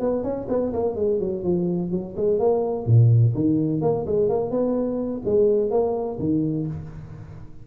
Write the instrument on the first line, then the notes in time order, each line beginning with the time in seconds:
tuba
0.00 B3
0.23 C#4
0.49 B3
0.73 A#3
0.96 G#3
1.19 F#3
1.44 F3
1.91 F#3
2.16 G#3
2.39 A#3
2.86 A#2
3.35 D#3
3.82 A#3
4.06 G#3
4.29 A#3
4.51 B3
5.25 G#3
5.71 A#3
6.20 D#3